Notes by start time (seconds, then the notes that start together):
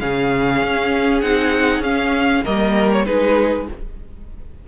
0.00 C#3 C#4 G#4 F5
0.62 C#4
1.21 C4 D#4 F#5
1.79 C#4 F5
2.44 G3 A#3 A#4 D#5
2.92 C#5
3.06 G#3 D#4 G#4 B4